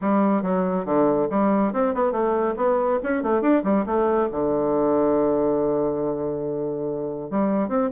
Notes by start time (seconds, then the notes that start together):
0.01 G3
0.42 F#3
0.85 D3
1.30 G3
1.73 C4
1.94 B3
2.11 A3
2.56 B3
3.03 C#4
3.22 A3
3.41 D4
3.63 G3
3.86 A3
4.31 D3
7.30 G3
7.68 C4